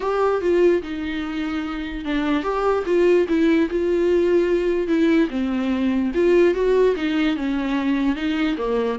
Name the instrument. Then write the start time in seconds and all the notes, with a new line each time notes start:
viola
0.00 G4
0.41 F4
0.82 D#4
2.04 D4
2.43 G4
2.86 F4
3.28 E4
3.70 F4
4.87 E4
5.30 C4
6.14 F4
6.54 F#4
6.95 D#4
7.36 C#4
8.15 D#4
8.57 A#3